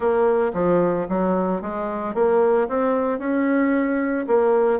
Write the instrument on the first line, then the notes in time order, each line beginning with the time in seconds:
bassoon
0.00 A#3
0.53 F3
1.08 F#3
1.61 G#3
2.14 A#3
2.68 C4
3.19 C#4
4.27 A#3